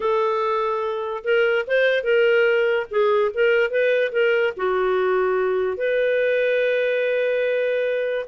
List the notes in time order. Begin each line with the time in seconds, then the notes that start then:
0.00 A4
1.24 A#4
1.67 C5
2.03 A#4
2.90 G#4
3.34 A#4
3.70 B4
4.12 A#4
4.56 F#4
5.77 B4